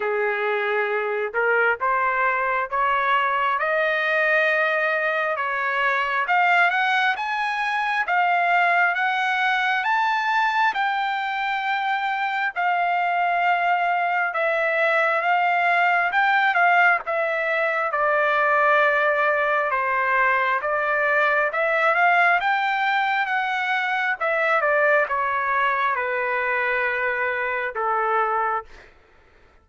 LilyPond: \new Staff \with { instrumentName = "trumpet" } { \time 4/4 \tempo 4 = 67 gis'4. ais'8 c''4 cis''4 | dis''2 cis''4 f''8 fis''8 | gis''4 f''4 fis''4 a''4 | g''2 f''2 |
e''4 f''4 g''8 f''8 e''4 | d''2 c''4 d''4 | e''8 f''8 g''4 fis''4 e''8 d''8 | cis''4 b'2 a'4 | }